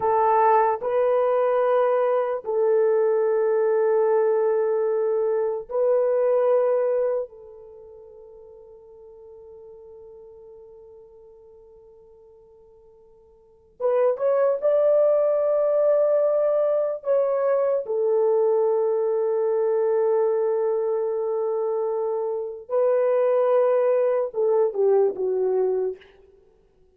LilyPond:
\new Staff \with { instrumentName = "horn" } { \time 4/4 \tempo 4 = 74 a'4 b'2 a'4~ | a'2. b'4~ | b'4 a'2.~ | a'1~ |
a'4 b'8 cis''8 d''2~ | d''4 cis''4 a'2~ | a'1 | b'2 a'8 g'8 fis'4 | }